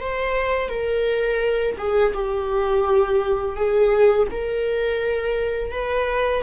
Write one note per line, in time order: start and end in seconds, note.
0.00 0.69 C5
0.69 1.76 A#4
1.77 2.13 G#4
2.14 3.56 G4
3.56 4.27 G#4
4.31 5.71 A#4
5.71 6.43 B4